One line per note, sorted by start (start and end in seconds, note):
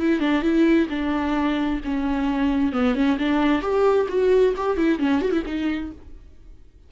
0.00 0.20 E4
0.20 0.42 D4
0.42 0.88 E4
0.90 1.81 D4
1.85 2.73 C#4
2.73 2.95 B3
2.95 3.18 C#4
3.19 3.62 D4
3.62 4.07 G4
4.09 4.54 F#4
4.57 4.77 G4
4.77 4.99 E4
4.99 5.22 C#4
5.22 5.32 F#4
5.32 5.43 E4
5.46 5.92 D#4